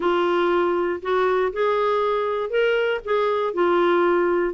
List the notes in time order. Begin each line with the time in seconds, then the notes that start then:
0.00 F4
1.02 F#4
1.52 G#4
2.50 A#4
3.04 G#4
3.53 F4